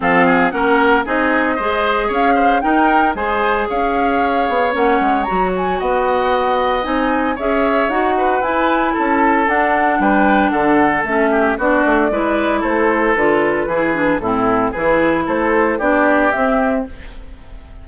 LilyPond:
<<
  \new Staff \with { instrumentName = "flute" } { \time 4/4 \tempo 4 = 114 f''4 fis''4 dis''2 | f''4 g''4 gis''4 f''4~ | f''4 fis''4 ais''8 gis''8 fis''4~ | fis''4 gis''4 e''4 fis''4 |
gis''4 a''4 fis''4 g''4 | fis''4 e''4 d''2 | c''4 b'2 a'4 | b'4 c''4 d''4 e''4 | }
  \new Staff \with { instrumentName = "oboe" } { \time 4/4 a'8 gis'8 ais'4 gis'4 c''4 | cis''8 c''8 ais'4 c''4 cis''4~ | cis''2. dis''4~ | dis''2 cis''4. b'8~ |
b'4 a'2 b'4 | a'4. g'8 fis'4 b'4 | a'2 gis'4 e'4 | gis'4 a'4 g'2 | }
  \new Staff \with { instrumentName = "clarinet" } { \time 4/4 c'4 cis'4 dis'4 gis'4~ | gis'4 dis'4 gis'2~ | gis'4 cis'4 fis'2~ | fis'4 dis'4 gis'4 fis'4 |
e'2 d'2~ | d'4 cis'4 d'4 e'4~ | e'4 f'4 e'8 d'8 c'4 | e'2 d'4 c'4 | }
  \new Staff \with { instrumentName = "bassoon" } { \time 4/4 f4 ais4 c'4 gis4 | cis'4 dis'4 gis4 cis'4~ | cis'8 b8 ais8 gis8 fis4 b4~ | b4 c'4 cis'4 dis'4 |
e'4 cis'4 d'4 g4 | d4 a4 b8 a8 gis4 | a4 d4 e4 a,4 | e4 a4 b4 c'4 | }
>>